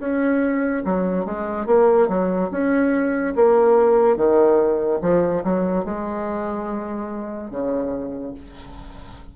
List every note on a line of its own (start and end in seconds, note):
0.00 0.83 C#4
0.85 1.26 F#3
1.26 1.67 G#3
1.67 2.08 A#3
2.08 2.50 F#3
2.51 3.34 C#4
3.36 4.17 A#3
4.17 5.00 D#3
5.02 5.44 F3
5.44 5.85 F#3
5.85 7.51 G#3
7.51 8.34 C#3